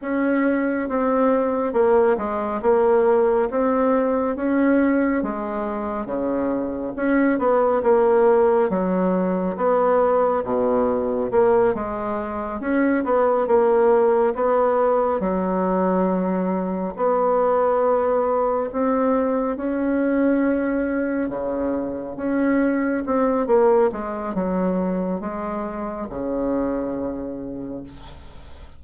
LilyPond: \new Staff \with { instrumentName = "bassoon" } { \time 4/4 \tempo 4 = 69 cis'4 c'4 ais8 gis8 ais4 | c'4 cis'4 gis4 cis4 | cis'8 b8 ais4 fis4 b4 | b,4 ais8 gis4 cis'8 b8 ais8~ |
ais8 b4 fis2 b8~ | b4. c'4 cis'4.~ | cis'8 cis4 cis'4 c'8 ais8 gis8 | fis4 gis4 cis2 | }